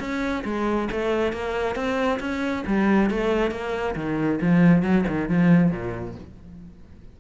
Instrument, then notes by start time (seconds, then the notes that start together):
cello
0.00 C#4
0.45 G#3
0.92 A3
1.33 A#3
1.76 C4
2.20 C#4
2.67 G3
3.11 A3
3.51 A#3
3.96 D#3
4.42 F3
4.83 F#3
5.08 D#3
5.30 F3
5.72 A#2